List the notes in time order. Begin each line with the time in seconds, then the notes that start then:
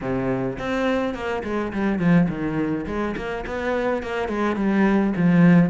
0.01 C3
0.58 C4
1.14 A#3
1.43 G#3
1.72 G3
1.98 F3
2.28 D#3
2.86 G#3
3.16 A#3
3.46 B3
4.02 A#3
4.28 G#3
4.56 G3
5.16 F3